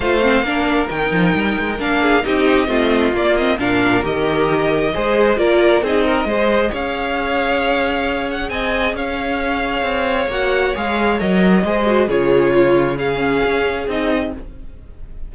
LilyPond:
<<
  \new Staff \with { instrumentName = "violin" } { \time 4/4 \tempo 4 = 134 f''2 g''2 | f''4 dis''2 d''8 dis''8 | f''4 dis''2. | d''4 dis''2 f''4~ |
f''2~ f''8 fis''8 gis''4 | f''2. fis''4 | f''4 dis''2 cis''4~ | cis''4 f''2 dis''4 | }
  \new Staff \with { instrumentName = "violin" } { \time 4/4 c''4 ais'2.~ | ais'8 gis'8 g'4 f'2 | ais'2. c''4 | ais'4 gis'8 ais'8 c''4 cis''4~ |
cis''2. dis''4 | cis''1~ | cis''2 c''4 gis'4 | f'4 gis'2. | }
  \new Staff \with { instrumentName = "viola" } { \time 4/4 f'8 c'8 d'4 dis'2 | d'4 dis'4 c'4 ais8 c'8 | d'4 g'2 gis'4 | f'4 dis'4 gis'2~ |
gis'1~ | gis'2. fis'4 | gis'4 ais'4 gis'8 fis'8 f'4~ | f'4 cis'2 dis'4 | }
  \new Staff \with { instrumentName = "cello" } { \time 4/4 a4 ais4 dis8 f8 g8 gis8 | ais4 c'4 a4 ais4 | ais,4 dis2 gis4 | ais4 c'4 gis4 cis'4~ |
cis'2. c'4 | cis'2 c'4 ais4 | gis4 fis4 gis4 cis4~ | cis2 cis'4 c'4 | }
>>